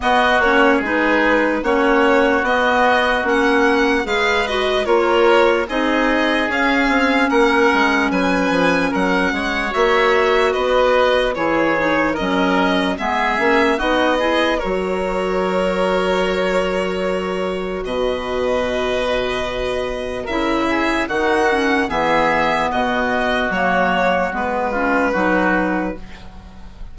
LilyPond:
<<
  \new Staff \with { instrumentName = "violin" } { \time 4/4 \tempo 4 = 74 dis''8 cis''8 b'4 cis''4 dis''4 | fis''4 f''8 dis''8 cis''4 dis''4 | f''4 fis''4 gis''4 fis''4 | e''4 dis''4 cis''4 dis''4 |
e''4 dis''4 cis''2~ | cis''2 dis''2~ | dis''4 e''4 fis''4 e''4 | dis''4 cis''4 b'2 | }
  \new Staff \with { instrumentName = "oboe" } { \time 4/4 fis'4 gis'4 fis'2~ | fis'4 b'4 ais'4 gis'4~ | gis'4 ais'4 b'4 ais'8 cis''8~ | cis''4 b'4 gis'4 ais'4 |
gis'4 fis'8 gis'8 ais'2~ | ais'2 b'2~ | b'4 ais'8 gis'8 fis'4 gis'4 | fis'2~ fis'8 f'8 fis'4 | }
  \new Staff \with { instrumentName = "clarinet" } { \time 4/4 b8 cis'8 dis'4 cis'4 b4 | cis'4 gis'8 fis'8 f'4 dis'4 | cis'1 | fis'2 e'8 dis'8 cis'4 |
b8 cis'8 dis'8 e'8 fis'2~ | fis'1~ | fis'4 e'4 dis'8 cis'8 b4~ | b4 ais4 b8 cis'8 dis'4 | }
  \new Staff \with { instrumentName = "bassoon" } { \time 4/4 b8 ais8 gis4 ais4 b4 | ais4 gis4 ais4 c'4 | cis'8 c'8 ais8 gis8 fis8 f8 fis8 gis8 | ais4 b4 e4 fis4 |
gis8 ais8 b4 fis2~ | fis2 b,2~ | b,4 cis4 dis4 e4 | b,4 fis4 gis4 fis4 | }
>>